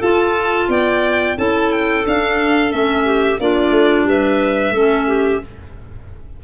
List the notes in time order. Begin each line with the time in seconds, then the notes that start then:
0.00 F4 A4 A5
0.69 B3 D5 G5
1.37 C#4 E4 A4 A5
1.72 G5
2.04 D4 F5
2.69 A3 C#4 E5
3.05 G4
3.40 A#3 D4 F4 D5
3.71 A3
4.05 G3 B4 E5
4.71 A3 C#4 A4
5.07 G4